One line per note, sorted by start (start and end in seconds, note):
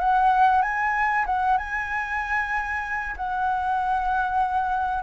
0.00 0.62 F#5
0.62 1.25 G#5
1.27 1.58 F#5
1.58 3.16 G#5
3.17 5.04 F#5